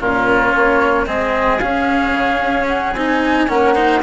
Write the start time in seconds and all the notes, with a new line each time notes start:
0.00 A#2 C#4 F4 A#4
0.52 A#3 C#5
1.06 G#3 C4 G#4 D#5
1.59 C#4 F5
2.12 C#3
2.41 C#4
2.68 F#5
2.94 C4 D#4 G#5
3.49 A#3 C#4 A#4 F#5
3.74 D#4 C5